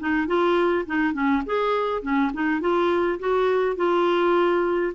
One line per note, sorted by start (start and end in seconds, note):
0.00 0.27 D#4
0.27 0.86 F4
0.86 1.14 D#4
1.14 1.43 C#4
1.46 2.02 G#4
2.02 2.31 C#4
2.34 2.61 D#4
2.61 3.19 F4
3.19 3.77 F#4
3.77 4.93 F4